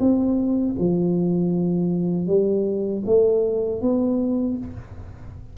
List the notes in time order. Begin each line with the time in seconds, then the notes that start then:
0.00 C4
0.79 F3
2.27 G3
3.06 A3
3.82 B3